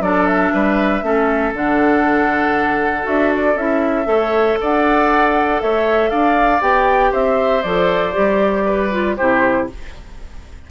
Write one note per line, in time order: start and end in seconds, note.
0.00 0.51 F#3
0.00 1.02 D4
0.00 0.53 A4
0.00 0.26 D5
0.26 1.53 E5
0.53 1.03 G3
0.53 1.04 B4
1.02 1.53 A3
1.02 1.53 C#4
1.02 4.08 A4
1.53 3.06 D3
1.53 3.03 D4
1.53 3.07 F#5
3.03 3.55 D4
3.03 3.54 F#4
3.03 3.32 E5
3.34 3.57 D5
3.55 4.06 C#4
3.55 4.05 E4
3.55 4.59 E5
4.05 4.57 A3
4.05 6.59 A4
4.05 4.59 C#5
4.61 5.62 D4
4.61 5.62 D5
4.61 5.61 F#5
5.61 6.11 A3
5.61 6.11 C#5
5.61 6.10 E5
6.10 6.61 D4
6.10 7.11 D5
6.10 6.61 F5
6.61 7.12 B3
6.61 7.63 G4
6.61 7.13 G5
7.11 7.64 C4
7.11 8.64 C5
7.11 7.63 E5
7.63 8.15 F3
7.63 8.13 A4
7.63 9.15 D5
8.13 9.19 G3
8.13 8.90 G4
8.65 9.16 B4
8.91 9.17 F4
9.17 9.70 C3
9.17 9.70 E4
9.17 9.68 G4
9.17 9.67 C5